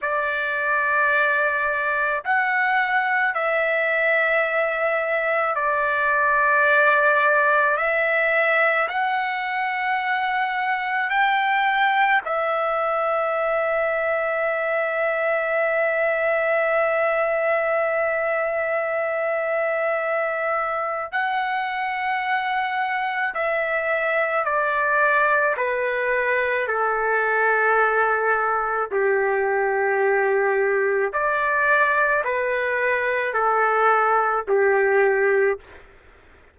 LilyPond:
\new Staff \with { instrumentName = "trumpet" } { \time 4/4 \tempo 4 = 54 d''2 fis''4 e''4~ | e''4 d''2 e''4 | fis''2 g''4 e''4~ | e''1~ |
e''2. fis''4~ | fis''4 e''4 d''4 b'4 | a'2 g'2 | d''4 b'4 a'4 g'4 | }